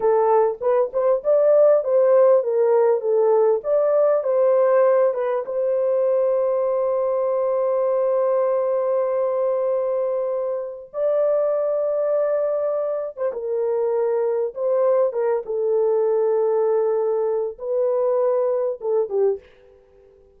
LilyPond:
\new Staff \with { instrumentName = "horn" } { \time 4/4 \tempo 4 = 99 a'4 b'8 c''8 d''4 c''4 | ais'4 a'4 d''4 c''4~ | c''8 b'8 c''2.~ | c''1~ |
c''2 d''2~ | d''4.~ d''16 c''16 ais'2 | c''4 ais'8 a'2~ a'8~ | a'4 b'2 a'8 g'8 | }